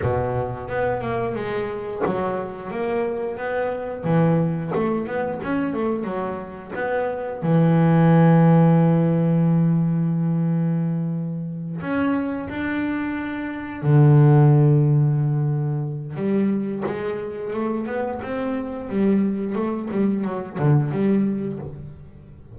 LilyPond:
\new Staff \with { instrumentName = "double bass" } { \time 4/4 \tempo 4 = 89 b,4 b8 ais8 gis4 fis4 | ais4 b4 e4 a8 b8 | cis'8 a8 fis4 b4 e4~ | e1~ |
e4. cis'4 d'4.~ | d'8 d2.~ d8 | g4 gis4 a8 b8 c'4 | g4 a8 g8 fis8 d8 g4 | }